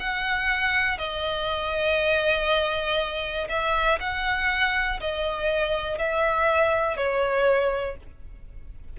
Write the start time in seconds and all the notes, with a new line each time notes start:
0.00 F#5
0.98 D#5
3.49 E5
4.00 F#5
5.00 D#5
5.99 E5
6.97 C#5